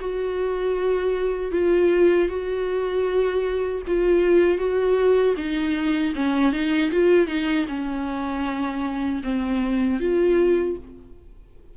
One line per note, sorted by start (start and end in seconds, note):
0.00 1.52 F#4
1.52 2.28 F4
2.28 3.82 F#4
3.87 4.58 F4
4.58 5.35 F#4
5.37 6.14 D#4
6.15 6.52 C#4
6.52 6.91 D#4
6.91 7.27 F4
7.27 7.66 D#4
7.68 9.22 C#4
9.23 10.00 C4
10.00 10.77 F4